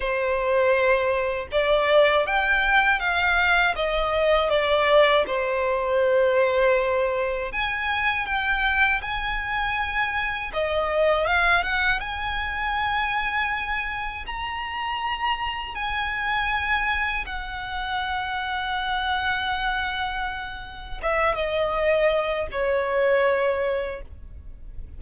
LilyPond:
\new Staff \with { instrumentName = "violin" } { \time 4/4 \tempo 4 = 80 c''2 d''4 g''4 | f''4 dis''4 d''4 c''4~ | c''2 gis''4 g''4 | gis''2 dis''4 f''8 fis''8 |
gis''2. ais''4~ | ais''4 gis''2 fis''4~ | fis''1 | e''8 dis''4. cis''2 | }